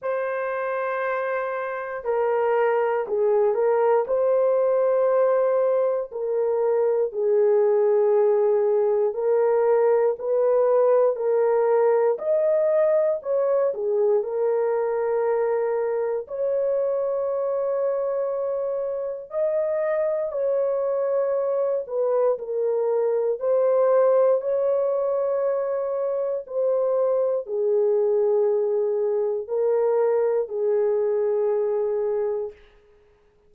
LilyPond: \new Staff \with { instrumentName = "horn" } { \time 4/4 \tempo 4 = 59 c''2 ais'4 gis'8 ais'8 | c''2 ais'4 gis'4~ | gis'4 ais'4 b'4 ais'4 | dis''4 cis''8 gis'8 ais'2 |
cis''2. dis''4 | cis''4. b'8 ais'4 c''4 | cis''2 c''4 gis'4~ | gis'4 ais'4 gis'2 | }